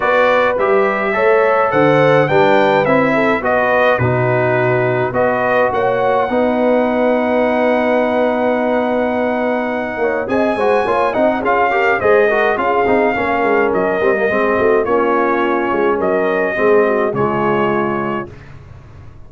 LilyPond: <<
  \new Staff \with { instrumentName = "trumpet" } { \time 4/4 \tempo 4 = 105 d''4 e''2 fis''4 | g''4 e''4 dis''4 b'4~ | b'4 dis''4 fis''2~ | fis''1~ |
fis''2 gis''4. fis''8 | f''4 dis''4 f''2 | dis''2 cis''2 | dis''2 cis''2 | }
  \new Staff \with { instrumentName = "horn" } { \time 4/4 b'2 cis''4 c''4 | b'4. a'8 b'4 fis'4~ | fis'4 b'4 cis''4 b'4~ | b'1~ |
b'4. cis''8 dis''8 c''8 cis''8 dis''8 | gis'8 ais'8 c''8 ais'8 gis'4 ais'4~ | ais'4 gis'8 fis'8 f'2 | ais'4 gis'8 fis'8 f'2 | }
  \new Staff \with { instrumentName = "trombone" } { \time 4/4 fis'4 g'4 a'2 | d'4 e'4 fis'4 dis'4~ | dis'4 fis'2 dis'4~ | dis'1~ |
dis'2 gis'8 fis'8 f'8 dis'8 | f'8 g'8 gis'8 fis'8 f'8 dis'8 cis'4~ | cis'8 c'16 ais16 c'4 cis'2~ | cis'4 c'4 gis2 | }
  \new Staff \with { instrumentName = "tuba" } { \time 4/4 b4 g4 a4 d4 | g4 c'4 b4 b,4~ | b,4 b4 ais4 b4~ | b1~ |
b4. ais8 c'8 gis8 ais8 c'8 | cis'4 gis4 cis'8 c'8 ais8 gis8 | fis8 g8 gis8 a8 ais4. gis8 | fis4 gis4 cis2 | }
>>